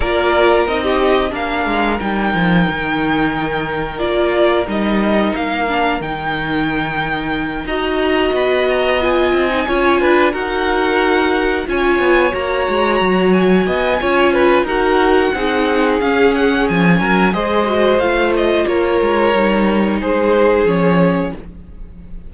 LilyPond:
<<
  \new Staff \with { instrumentName = "violin" } { \time 4/4 \tempo 4 = 90 d''4 dis''4 f''4 g''4~ | g''2 d''4 dis''4 | f''4 g''2~ g''8 ais''8~ | ais''8 b''8 ais''8 gis''2 fis''8~ |
fis''4. gis''4 ais''4. | gis''2 fis''2 | f''8 fis''8 gis''4 dis''4 f''8 dis''8 | cis''2 c''4 cis''4 | }
  \new Staff \with { instrumentName = "violin" } { \time 4/4 ais'4~ ais'16 g'8. ais'2~ | ais'1~ | ais'2.~ ais'8 dis''8~ | dis''2~ dis''8 cis''8 b'8 ais'8~ |
ais'4. cis''2~ cis''8~ | cis''8 dis''8 cis''8 b'8 ais'4 gis'4~ | gis'4. ais'8 c''2 | ais'2 gis'2 | }
  \new Staff \with { instrumentName = "viola" } { \time 4/4 f'4 dis'4 d'4 dis'4~ | dis'2 f'4 dis'4~ | dis'8 d'8 dis'2~ dis'8 fis'8~ | fis'4. f'8. dis'16 f'4 fis'8~ |
fis'4. f'4 fis'4.~ | fis'4 f'4 fis'4 dis'4 | cis'2 gis'8 fis'8 f'4~ | f'4 dis'2 cis'4 | }
  \new Staff \with { instrumentName = "cello" } { \time 4/4 ais4 c'4 ais8 gis8 g8 f8 | dis2 ais4 g4 | ais4 dis2~ dis8 dis'8~ | dis'8 b4. c'8 cis'8 d'8 dis'8~ |
dis'4. cis'8 b8 ais8 gis8 fis8~ | fis8 b8 cis'4 dis'4 c'4 | cis'4 f8 fis8 gis4 a4 | ais8 gis8 g4 gis4 f4 | }
>>